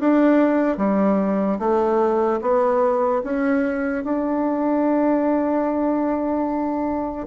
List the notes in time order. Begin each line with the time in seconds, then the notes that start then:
0.00 D4
0.77 G3
1.59 A3
2.41 B3
3.24 C#4
4.04 D4